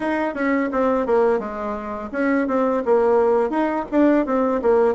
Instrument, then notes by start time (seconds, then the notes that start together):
bassoon
0.00 D#4
0.34 C#4
0.72 C4
1.06 A#3
1.39 G#3
2.12 C#4
2.47 C4
2.85 A#3
3.49 D#4
3.91 D4
4.25 C4
4.61 A#3